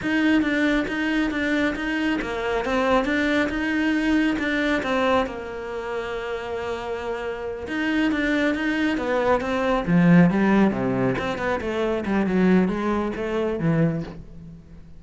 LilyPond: \new Staff \with { instrumentName = "cello" } { \time 4/4 \tempo 4 = 137 dis'4 d'4 dis'4 d'4 | dis'4 ais4 c'4 d'4 | dis'2 d'4 c'4 | ais1~ |
ais4. dis'4 d'4 dis'8~ | dis'8 b4 c'4 f4 g8~ | g8 c4 c'8 b8 a4 g8 | fis4 gis4 a4 e4 | }